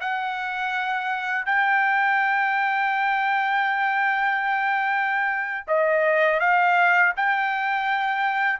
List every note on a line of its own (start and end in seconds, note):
0.00 1.45 F#5
1.45 5.66 G5
5.67 6.40 D#5
6.40 7.13 F5
7.16 8.59 G5